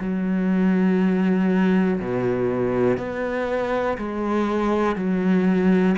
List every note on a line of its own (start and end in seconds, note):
0.00 2.00 F#3
2.00 2.97 B2
2.97 3.97 B3
3.98 4.96 G#3
4.96 5.96 F#3